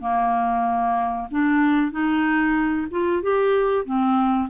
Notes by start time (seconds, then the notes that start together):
0.00 A#3
1.30 D4
1.91 D#4
2.90 F4
3.22 G4
3.85 C4